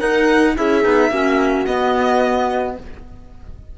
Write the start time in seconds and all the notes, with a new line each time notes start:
0.00 D#4 A#4 F#5
0.56 C#4 E4 G#4 E5
0.83 B3 D#4
1.11 A#3 C#4 F#4
1.66 B3 D#5